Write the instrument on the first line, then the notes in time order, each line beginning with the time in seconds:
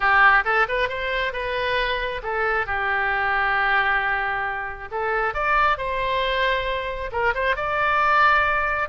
oboe
0.00 G4
0.44 A4
0.68 B4
0.88 C5
1.32 B4
2.23 A4
2.66 G4
4.91 A4
5.34 D5
5.77 C5
7.12 A#4
7.34 C5
7.56 D5